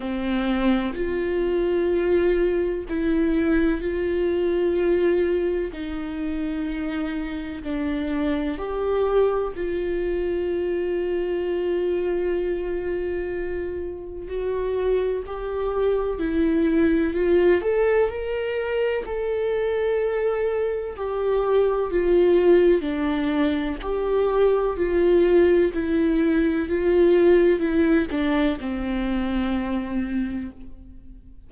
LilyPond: \new Staff \with { instrumentName = "viola" } { \time 4/4 \tempo 4 = 63 c'4 f'2 e'4 | f'2 dis'2 | d'4 g'4 f'2~ | f'2. fis'4 |
g'4 e'4 f'8 a'8 ais'4 | a'2 g'4 f'4 | d'4 g'4 f'4 e'4 | f'4 e'8 d'8 c'2 | }